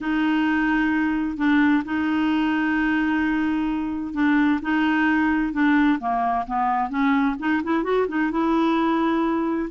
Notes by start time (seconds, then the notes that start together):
0.00 D#4
1.37 D4
1.84 D#4
4.13 D4
4.62 D#4
5.52 D4
5.99 A#3
6.46 B3
6.89 C#4
7.39 D#4
7.63 E4
7.83 F#4
8.08 D#4
8.31 E4